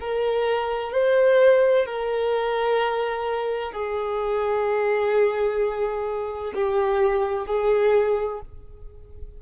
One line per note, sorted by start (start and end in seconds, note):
0.00 0.92 A#4
0.92 1.85 C5
1.85 3.72 A#4
3.72 6.53 G#4
6.54 7.47 G4
7.47 8.40 G#4